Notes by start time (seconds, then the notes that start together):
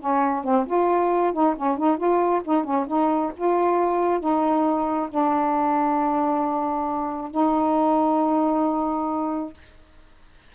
0.00 C#4
0.44 C4
0.67 F4
1.33 D#4
1.57 C#4
1.78 D#4
1.98 F4
2.45 D#4
2.64 C#4
2.88 D#4
3.37 F4
4.21 D#4
5.10 D4
7.32 D#4